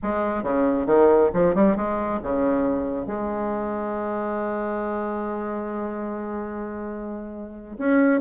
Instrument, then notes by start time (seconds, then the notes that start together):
bassoon
0.02 G#3
0.43 C#3
0.86 D#3
1.33 F3
1.54 G3
1.76 G#3
2.22 C#3
3.06 G#3
7.78 C#4